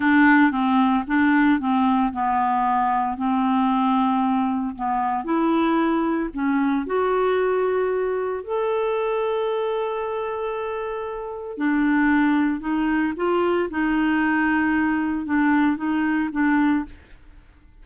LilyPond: \new Staff \with { instrumentName = "clarinet" } { \time 4/4 \tempo 4 = 114 d'4 c'4 d'4 c'4 | b2 c'2~ | c'4 b4 e'2 | cis'4 fis'2. |
a'1~ | a'2 d'2 | dis'4 f'4 dis'2~ | dis'4 d'4 dis'4 d'4 | }